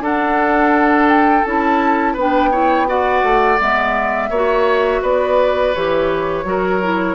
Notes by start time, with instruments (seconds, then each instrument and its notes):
0.00 bassoon D4, clarinet D4, oboe A4, flute F#5
1.09 flute G5
1.44 bassoon C#4, clarinet E4, flute A5
2.13 bassoon B3, clarinet D4, oboe B4
2.20 flute G5
2.51 clarinet E4, oboe C#5
2.87 clarinet F#4, oboe D5, flute F#5
3.23 bassoon A3
3.59 bassoon G#3, clarinet B3, flute E5
4.29 bassoon A#3, clarinet F#4, oboe C#5
5.01 bassoon B3, oboe B4, flute D5
5.74 bassoon E3, clarinet G4, flute C#5
6.44 bassoon F#3, clarinet F#4, oboe A#4
6.83 clarinet E4